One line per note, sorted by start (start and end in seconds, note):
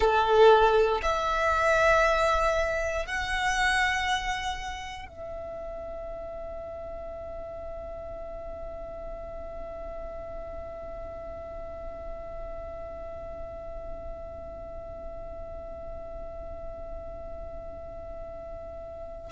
0.00 1.01 A4
1.02 3.06 E5
3.06 5.08 F#5
5.08 19.31 E5